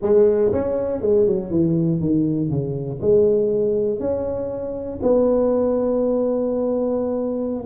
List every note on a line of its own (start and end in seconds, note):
0.02 0.52 G#3
0.52 1.01 C#4
1.01 1.26 G#3
1.26 1.50 F#3
1.50 2.00 E3
2.00 2.49 D#3
2.49 2.99 C#3
3.01 3.99 G#3
3.99 4.99 C#4
5.02 7.64 B3